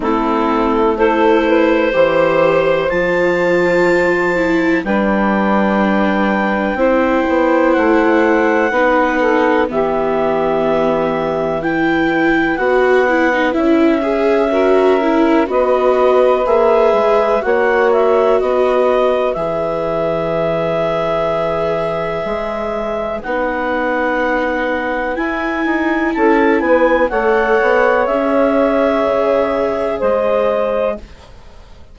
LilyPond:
<<
  \new Staff \with { instrumentName = "clarinet" } { \time 4/4 \tempo 4 = 62 a'4 c''2 a''4~ | a''4 g''2. | fis''2 e''2 | g''4 fis''4 e''2 |
dis''4 e''4 fis''8 e''8 dis''4 | e''1 | fis''2 gis''4 a''8 gis''8 | fis''4 e''2 dis''4 | }
  \new Staff \with { instrumentName = "saxophone" } { \time 4/4 e'4 a'8 b'8 c''2~ | c''4 b'2 c''4~ | c''4 b'8 a'8 g'2 | b'2. ais'4 |
b'2 cis''4 b'4~ | b'1~ | b'2. a'8 b'8 | cis''2. c''4 | }
  \new Staff \with { instrumentName = "viola" } { \time 4/4 c'4 e'4 g'4 f'4~ | f'8 e'8 d'2 e'4~ | e'4 dis'4 b2 | e'4 fis'8 e'16 dis'16 e'8 gis'8 fis'8 e'8 |
fis'4 gis'4 fis'2 | gis'1 | dis'2 e'2 | a'4 gis'2. | }
  \new Staff \with { instrumentName = "bassoon" } { \time 4/4 a2 e4 f4~ | f4 g2 c'8 b8 | a4 b4 e2~ | e4 b4 cis'2 |
b4 ais8 gis8 ais4 b4 | e2. gis4 | b2 e'8 dis'8 cis'8 b8 | a8 b8 cis'4 cis4 gis4 | }
>>